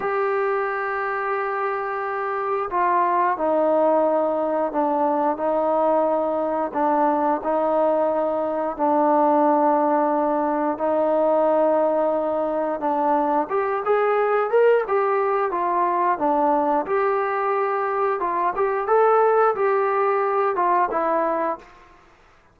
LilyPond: \new Staff \with { instrumentName = "trombone" } { \time 4/4 \tempo 4 = 89 g'1 | f'4 dis'2 d'4 | dis'2 d'4 dis'4~ | dis'4 d'2. |
dis'2. d'4 | g'8 gis'4 ais'8 g'4 f'4 | d'4 g'2 f'8 g'8 | a'4 g'4. f'8 e'4 | }